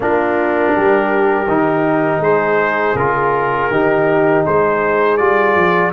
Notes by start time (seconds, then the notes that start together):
0.00 A#3 D4 F4 A#4
0.74 G3 G4
1.47 D#3 D#4
2.19 G#3 G#4 C5
2.94 C#3 F4 A#4
3.70 D#3 D#4 G4
4.43 G#3 G#4 C5
5.17 G3 F4 D5
5.55 F3